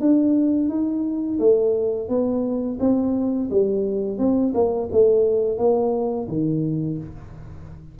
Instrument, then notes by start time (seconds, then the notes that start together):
tuba
0.00 D4
0.68 D#4
1.39 A3
2.08 B3
2.79 C4
3.50 G3
4.18 C4
4.54 A#3
4.92 A3
5.58 A#3
6.28 D#3